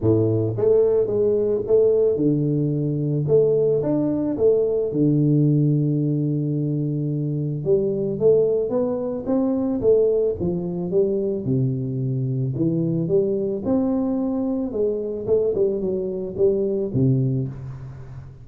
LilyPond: \new Staff \with { instrumentName = "tuba" } { \time 4/4 \tempo 4 = 110 a,4 a4 gis4 a4 | d2 a4 d'4 | a4 d2.~ | d2 g4 a4 |
b4 c'4 a4 f4 | g4 c2 e4 | g4 c'2 gis4 | a8 g8 fis4 g4 c4 | }